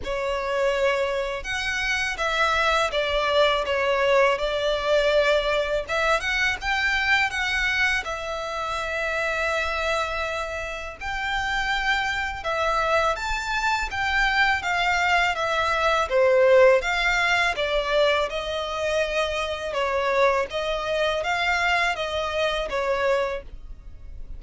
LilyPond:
\new Staff \with { instrumentName = "violin" } { \time 4/4 \tempo 4 = 82 cis''2 fis''4 e''4 | d''4 cis''4 d''2 | e''8 fis''8 g''4 fis''4 e''4~ | e''2. g''4~ |
g''4 e''4 a''4 g''4 | f''4 e''4 c''4 f''4 | d''4 dis''2 cis''4 | dis''4 f''4 dis''4 cis''4 | }